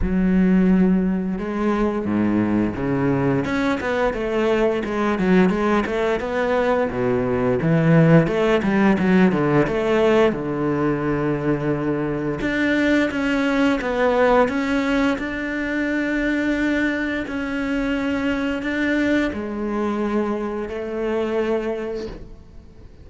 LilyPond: \new Staff \with { instrumentName = "cello" } { \time 4/4 \tempo 4 = 87 fis2 gis4 gis,4 | cis4 cis'8 b8 a4 gis8 fis8 | gis8 a8 b4 b,4 e4 | a8 g8 fis8 d8 a4 d4~ |
d2 d'4 cis'4 | b4 cis'4 d'2~ | d'4 cis'2 d'4 | gis2 a2 | }